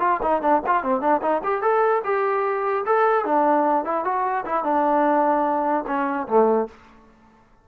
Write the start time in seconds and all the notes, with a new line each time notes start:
0.00 F4
0.22 D#4
0.42 D4
0.67 F4
0.83 C4
1.01 D4
1.22 D#4
1.44 G4
1.62 A4
2.04 G4
2.86 A4
3.25 D4
3.85 E4
4.05 F#4
4.46 E4
4.64 D4
5.87 C#4
6.28 A3